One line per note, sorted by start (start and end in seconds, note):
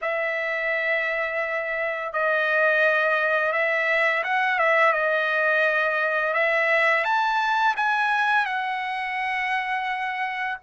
0.01 2.12 E5
2.12 3.52 D#5
3.52 4.23 E5
4.23 4.58 F#5
4.58 4.92 E5
4.92 6.33 D#5
6.33 7.04 E5
7.04 7.75 A5
7.76 8.45 G#5
8.45 10.57 F#5